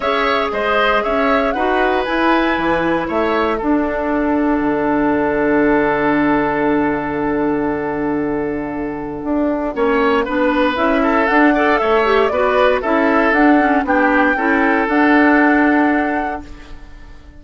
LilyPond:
<<
  \new Staff \with { instrumentName = "flute" } { \time 4/4 \tempo 4 = 117 e''4 dis''4 e''4 fis''4 | gis''2 e''4 fis''4~ | fis''1~ | fis''1~ |
fis''1~ | fis''4 e''4 fis''4 e''4 | d''4 e''4 fis''4 g''4~ | g''4 fis''2. | }
  \new Staff \with { instrumentName = "oboe" } { \time 4/4 cis''4 c''4 cis''4 b'4~ | b'2 cis''4 a'4~ | a'1~ | a'1~ |
a'2. cis''4 | b'4. a'4 d''8 cis''4 | b'4 a'2 g'4 | a'1 | }
  \new Staff \with { instrumentName = "clarinet" } { \time 4/4 gis'2. fis'4 | e'2. d'4~ | d'1~ | d'1~ |
d'2. cis'4 | d'4 e'4 d'8 a'4 g'8 | fis'4 e'4 d'8 cis'8 d'4 | e'4 d'2. | }
  \new Staff \with { instrumentName = "bassoon" } { \time 4/4 cis'4 gis4 cis'4 dis'4 | e'4 e4 a4 d'4~ | d'4 d2.~ | d1~ |
d2 d'4 ais4 | b4 cis'4 d'4 a4 | b4 cis'4 d'4 b4 | cis'4 d'2. | }
>>